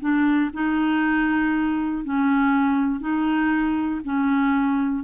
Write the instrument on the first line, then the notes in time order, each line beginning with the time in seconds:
clarinet
0.00 D4
0.53 D#4
2.04 C#4
3.00 D#4
4.04 C#4